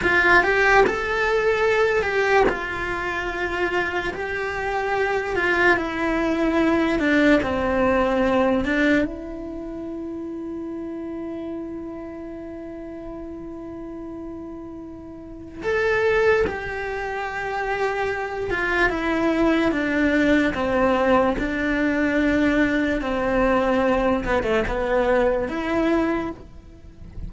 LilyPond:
\new Staff \with { instrumentName = "cello" } { \time 4/4 \tempo 4 = 73 f'8 g'8 a'4. g'8 f'4~ | f'4 g'4. f'8 e'4~ | e'8 d'8 c'4. d'8 e'4~ | e'1~ |
e'2. a'4 | g'2~ g'8 f'8 e'4 | d'4 c'4 d'2 | c'4. b16 a16 b4 e'4 | }